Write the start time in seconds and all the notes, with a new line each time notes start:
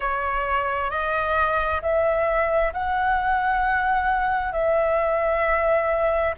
0.00 C#5
0.90 D#5
1.81 E5
2.73 F#5
4.52 E5